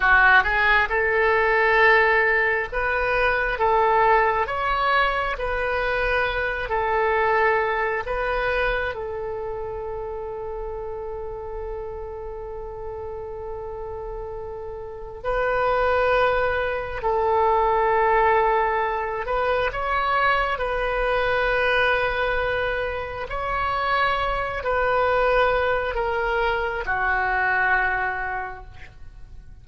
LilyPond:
\new Staff \with { instrumentName = "oboe" } { \time 4/4 \tempo 4 = 67 fis'8 gis'8 a'2 b'4 | a'4 cis''4 b'4. a'8~ | a'4 b'4 a'2~ | a'1~ |
a'4 b'2 a'4~ | a'4. b'8 cis''4 b'4~ | b'2 cis''4. b'8~ | b'4 ais'4 fis'2 | }